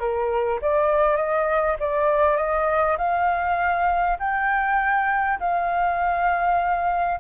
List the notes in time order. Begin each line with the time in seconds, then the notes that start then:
0.00 A#4
0.62 D5
1.17 D#5
1.80 D5
2.37 D#5
2.98 F5
4.20 G5
5.40 F5